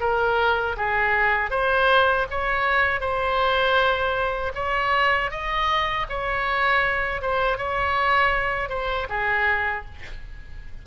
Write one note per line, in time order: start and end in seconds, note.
0.00 0.76 A#4
0.77 1.51 G#4
1.51 2.26 C5
2.30 3.00 C#5
3.00 4.52 C5
4.55 5.31 C#5
5.31 6.07 D#5
6.09 7.21 C#5
7.21 7.57 C5
7.57 8.69 C#5
8.69 9.07 C5
9.09 9.85 G#4